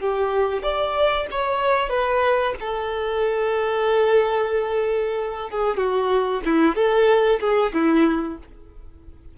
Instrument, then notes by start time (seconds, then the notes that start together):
violin
0.00 G4
0.63 D5
1.31 C#5
1.90 B4
2.61 A4
5.50 G#4
5.77 F#4
6.45 E4
6.75 A4
7.40 G#4
7.74 E4